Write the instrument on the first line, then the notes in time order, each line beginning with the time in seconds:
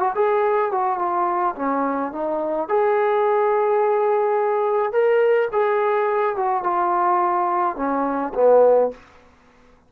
trombone
0.00 F#4
0.15 G#4
0.72 F#4
0.99 F4
1.56 C#4
2.13 D#4
2.69 G#4
4.93 A#4
5.53 G#4
6.37 F#4
6.64 F4
7.77 C#4
8.35 B3